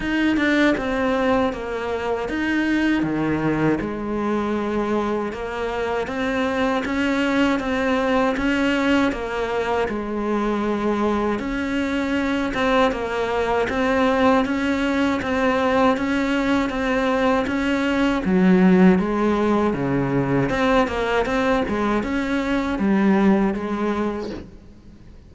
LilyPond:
\new Staff \with { instrumentName = "cello" } { \time 4/4 \tempo 4 = 79 dis'8 d'8 c'4 ais4 dis'4 | dis4 gis2 ais4 | c'4 cis'4 c'4 cis'4 | ais4 gis2 cis'4~ |
cis'8 c'8 ais4 c'4 cis'4 | c'4 cis'4 c'4 cis'4 | fis4 gis4 cis4 c'8 ais8 | c'8 gis8 cis'4 g4 gis4 | }